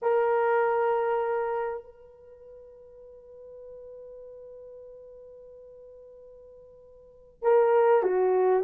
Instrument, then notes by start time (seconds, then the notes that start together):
horn
0.02 A#4
1.83 B4
7.42 A#4
8.02 F#4